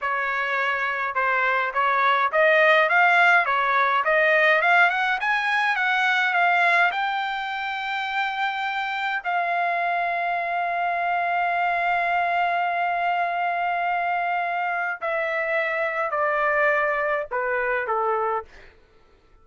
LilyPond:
\new Staff \with { instrumentName = "trumpet" } { \time 4/4 \tempo 4 = 104 cis''2 c''4 cis''4 | dis''4 f''4 cis''4 dis''4 | f''8 fis''8 gis''4 fis''4 f''4 | g''1 |
f''1~ | f''1~ | f''2 e''2 | d''2 b'4 a'4 | }